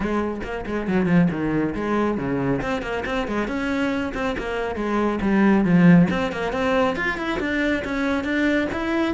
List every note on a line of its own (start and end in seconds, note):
0.00 0.41 G#3
0.43 0.65 A#3
0.66 0.87 G#3
0.87 1.06 F#3
1.06 1.27 F3
1.30 1.74 D#3
1.75 2.17 G#3
2.17 2.61 C#3
2.61 2.82 C4
2.82 3.04 A#3
3.05 3.27 C4
3.27 3.47 G#3
3.47 4.12 C#4
4.14 4.36 C4
4.37 4.75 A#3
4.75 5.19 G#3
5.21 5.64 G3
5.64 6.08 F3
6.10 6.31 C4
6.31 6.52 A#3
6.52 6.96 C4
6.96 7.17 F4
7.17 7.39 E4
7.39 7.83 D4
7.84 8.24 C#4
8.24 8.67 D4
8.72 9.14 E4